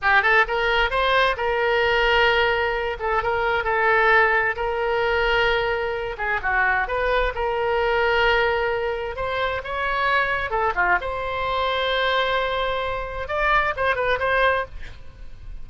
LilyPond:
\new Staff \with { instrumentName = "oboe" } { \time 4/4 \tempo 4 = 131 g'8 a'8 ais'4 c''4 ais'4~ | ais'2~ ais'8 a'8 ais'4 | a'2 ais'2~ | ais'4. gis'8 fis'4 b'4 |
ais'1 | c''4 cis''2 a'8 f'8 | c''1~ | c''4 d''4 c''8 b'8 c''4 | }